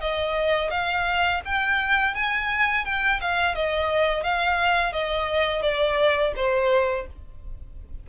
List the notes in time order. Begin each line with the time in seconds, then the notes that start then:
0.00 D#5
0.70 F5
1.45 G5
2.14 G#5
2.85 G5
3.21 F5
3.55 D#5
4.23 F5
4.92 D#5
5.62 D5
6.36 C5